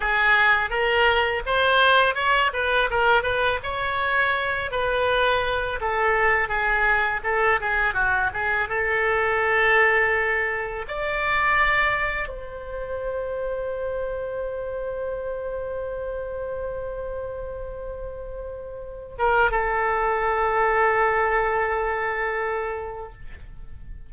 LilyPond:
\new Staff \with { instrumentName = "oboe" } { \time 4/4 \tempo 4 = 83 gis'4 ais'4 c''4 cis''8 b'8 | ais'8 b'8 cis''4. b'4. | a'4 gis'4 a'8 gis'8 fis'8 gis'8 | a'2. d''4~ |
d''4 c''2.~ | c''1~ | c''2~ c''8 ais'8 a'4~ | a'1 | }